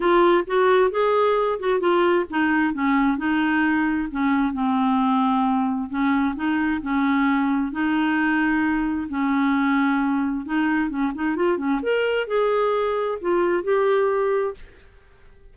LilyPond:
\new Staff \with { instrumentName = "clarinet" } { \time 4/4 \tempo 4 = 132 f'4 fis'4 gis'4. fis'8 | f'4 dis'4 cis'4 dis'4~ | dis'4 cis'4 c'2~ | c'4 cis'4 dis'4 cis'4~ |
cis'4 dis'2. | cis'2. dis'4 | cis'8 dis'8 f'8 cis'8 ais'4 gis'4~ | gis'4 f'4 g'2 | }